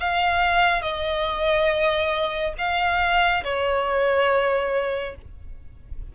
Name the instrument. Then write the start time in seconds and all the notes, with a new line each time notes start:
violin
0.00 F5
0.83 D#5
2.58 F5
3.44 C#5